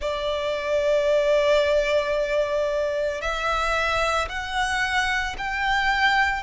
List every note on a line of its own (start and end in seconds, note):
0.00 3.21 D5
3.21 4.28 E5
4.29 5.36 F#5
5.38 6.43 G5